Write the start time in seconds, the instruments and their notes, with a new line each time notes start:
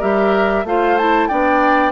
0.00 bassoon G3, clarinet G4, oboe A#4, flute E5
0.64 bassoon A3, clarinet F4, oboe C5, flute F5
0.98 clarinet E4, flute A5
1.28 bassoon B3, clarinet D4, oboe D5, flute G5